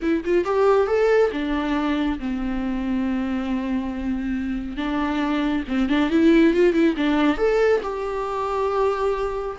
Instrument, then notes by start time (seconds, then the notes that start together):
viola
0.02 E4
0.24 F4
0.44 G4
0.87 A4
1.32 D4
2.19 C4
4.76 D4
5.68 C4
5.89 D4
6.10 E4
6.53 F4
6.73 E4
6.97 D4
7.37 A4
7.82 G4